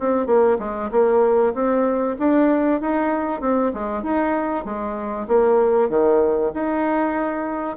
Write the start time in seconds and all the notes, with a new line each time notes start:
0.00 C4
0.27 A#3
0.59 G#3
0.91 A#3
1.54 C4
2.19 D4
2.81 D#4
3.41 C4
3.74 G#3
4.03 D#4
4.65 G#3
5.28 A#3
5.89 D#3
6.54 D#4